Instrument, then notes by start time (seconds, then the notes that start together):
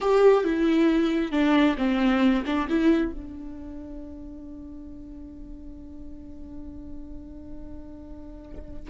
viola
0.01 G4
0.44 E4
1.31 D4
1.77 C4
2.45 D4
2.68 E4
3.12 D4